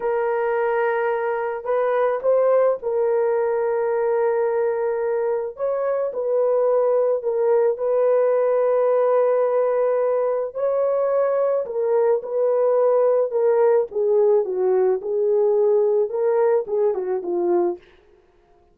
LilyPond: \new Staff \with { instrumentName = "horn" } { \time 4/4 \tempo 4 = 108 ais'2. b'4 | c''4 ais'2.~ | ais'2 cis''4 b'4~ | b'4 ais'4 b'2~ |
b'2. cis''4~ | cis''4 ais'4 b'2 | ais'4 gis'4 fis'4 gis'4~ | gis'4 ais'4 gis'8 fis'8 f'4 | }